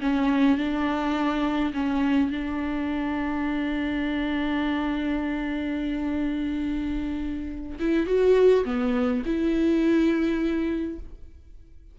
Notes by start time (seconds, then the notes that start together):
0.00 C#4
0.57 D4
1.73 C#4
2.30 D4
7.79 E4
8.06 F#4
8.65 B3
9.25 E4